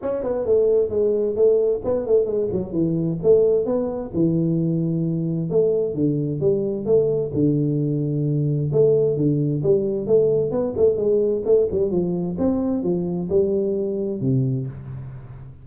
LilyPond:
\new Staff \with { instrumentName = "tuba" } { \time 4/4 \tempo 4 = 131 cis'8 b8 a4 gis4 a4 | b8 a8 gis8 fis8 e4 a4 | b4 e2. | a4 d4 g4 a4 |
d2. a4 | d4 g4 a4 b8 a8 | gis4 a8 g8 f4 c'4 | f4 g2 c4 | }